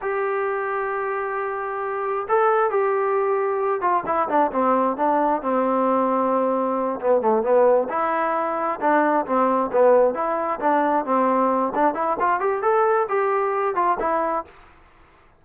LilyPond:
\new Staff \with { instrumentName = "trombone" } { \time 4/4 \tempo 4 = 133 g'1~ | g'4 a'4 g'2~ | g'8 f'8 e'8 d'8 c'4 d'4 | c'2.~ c'8 b8 |
a8 b4 e'2 d'8~ | d'8 c'4 b4 e'4 d'8~ | d'8 c'4. d'8 e'8 f'8 g'8 | a'4 g'4. f'8 e'4 | }